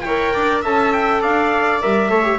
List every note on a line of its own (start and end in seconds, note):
0.00 0.32 E4
0.00 0.33 C#5
0.00 0.59 G5
0.07 0.64 A#4
0.33 0.64 D4
0.33 0.62 D5
0.62 1.23 C#4
0.62 1.81 A4
0.62 1.20 E5
0.62 0.93 A5
0.93 1.22 G5
1.21 1.82 D4
1.21 2.09 D5
1.21 1.81 F5
1.81 2.09 G3
1.81 2.10 A#4
1.81 2.39 E5
2.09 2.39 A3
2.09 2.23 A4
2.09 2.39 C#5
2.23 2.38 G4